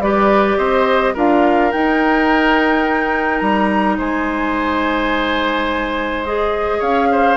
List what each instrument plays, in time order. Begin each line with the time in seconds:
0.00 bassoon G3, clarinet G4, oboe B4, flute D5
0.58 bassoon C4, oboe C5, flute D#5
1.14 bassoon D4, clarinet F4, oboe A#4, flute F5
1.72 clarinet D#4, bassoon D#4, flute G5
3.40 bassoon G3, flute A#5
3.98 bassoon G#3, oboe C5, flute G#5
6.25 clarinet G#4, flute D#5
6.79 bassoon C#4, oboe C#5, flute F5
7.12 oboe C5